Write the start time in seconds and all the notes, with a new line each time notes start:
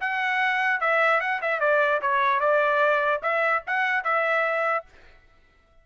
0.00 F#5
0.80 E5
1.20 F#5
1.41 E5
1.60 D5
2.01 C#5
2.40 D5
3.22 E5
3.67 F#5
4.04 E5